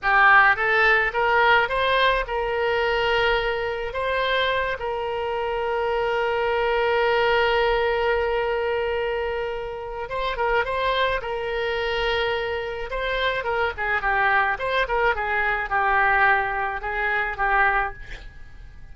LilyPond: \new Staff \with { instrumentName = "oboe" } { \time 4/4 \tempo 4 = 107 g'4 a'4 ais'4 c''4 | ais'2. c''4~ | c''8 ais'2.~ ais'8~ | ais'1~ |
ais'2 c''8 ais'8 c''4 | ais'2. c''4 | ais'8 gis'8 g'4 c''8 ais'8 gis'4 | g'2 gis'4 g'4 | }